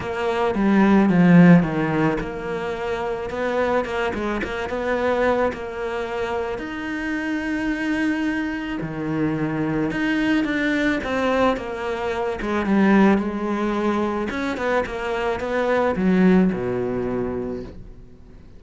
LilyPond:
\new Staff \with { instrumentName = "cello" } { \time 4/4 \tempo 4 = 109 ais4 g4 f4 dis4 | ais2 b4 ais8 gis8 | ais8 b4. ais2 | dis'1 |
dis2 dis'4 d'4 | c'4 ais4. gis8 g4 | gis2 cis'8 b8 ais4 | b4 fis4 b,2 | }